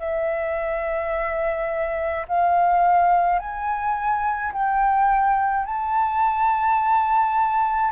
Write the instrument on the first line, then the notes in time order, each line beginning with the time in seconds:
flute
0.00 E5
2.28 F5
3.40 G#5
4.53 G5
5.66 A5